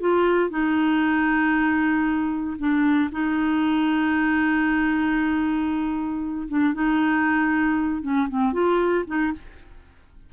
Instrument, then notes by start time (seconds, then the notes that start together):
clarinet
0.00 F4
0.50 D#4
2.59 D4
3.12 D#4
6.48 D4
6.74 D#4
8.02 C#4
8.29 C4
8.53 F4
9.07 D#4